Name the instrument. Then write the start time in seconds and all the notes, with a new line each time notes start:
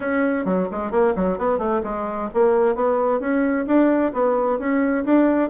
bassoon
0.00 C#4
0.45 F#3
0.71 G#3
0.91 A#3
1.15 F#3
1.38 B3
1.58 A3
1.83 G#3
2.34 A#3
2.75 B3
3.20 C#4
3.66 D4
4.13 B3
4.58 C#4
5.04 D4